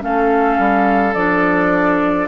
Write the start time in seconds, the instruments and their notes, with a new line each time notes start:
0.00 bassoon A3, clarinet C#4, oboe A4, flute F5
0.59 bassoon G3
1.14 bassoon F3, clarinet D4, flute D5